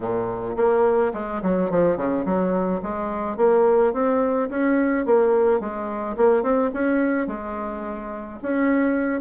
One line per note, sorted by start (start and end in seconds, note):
0.00 0.56 A#2
0.56 1.12 A#3
1.13 1.41 G#3
1.42 1.70 F#3
1.70 1.96 F3
1.96 2.24 C#3
2.25 2.81 F#3
2.82 3.36 G#3
3.36 3.93 A#3
3.93 4.49 C4
4.49 5.05 C#4
5.05 5.59 A#3
5.59 6.16 G#3
6.17 6.43 A#3
6.43 6.71 C4
6.73 7.27 C#4
7.27 8.39 G#3
8.42 9.21 C#4